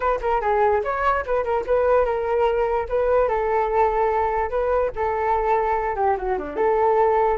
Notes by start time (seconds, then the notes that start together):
0.00 B4
0.21 A#4
0.41 G#4
0.83 C#5
1.25 B4
1.44 A#4
1.66 B4
2.05 A#4
2.88 B4
3.28 A4
4.50 B4
4.95 A4
5.95 G4
6.17 F#4
6.38 D4
6.56 A4